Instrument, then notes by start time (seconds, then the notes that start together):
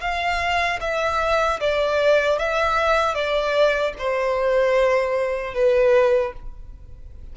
violin
0.00 F5
0.80 E5
1.60 D5
2.38 E5
3.14 D5
3.98 C5
5.54 B4